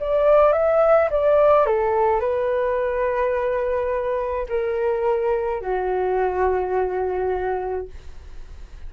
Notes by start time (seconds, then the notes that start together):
0.00 D5
0.52 E5
1.10 D5
1.66 A4
2.20 B4
4.49 A#4
5.61 F#4